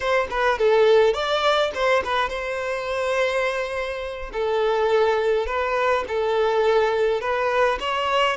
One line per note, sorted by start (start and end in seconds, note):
0.00 0.27 C5
0.30 0.58 B4
0.58 1.13 A4
1.13 1.71 D5
1.74 2.03 C5
2.03 2.29 B4
2.29 4.31 C5
4.32 5.46 A4
5.46 6.04 B4
6.07 7.20 A4
7.20 7.78 B4
7.79 8.36 C#5